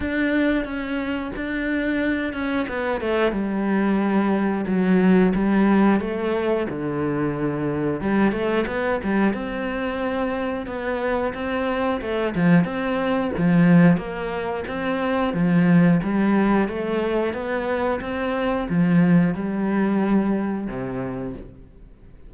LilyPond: \new Staff \with { instrumentName = "cello" } { \time 4/4 \tempo 4 = 90 d'4 cis'4 d'4. cis'8 | b8 a8 g2 fis4 | g4 a4 d2 | g8 a8 b8 g8 c'2 |
b4 c'4 a8 f8 c'4 | f4 ais4 c'4 f4 | g4 a4 b4 c'4 | f4 g2 c4 | }